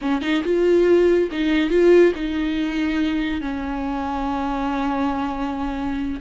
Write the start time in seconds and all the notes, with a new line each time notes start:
0.01 C#4
0.21 D#4
0.44 F4
1.31 D#4
1.70 F4
2.15 D#4
3.41 C#4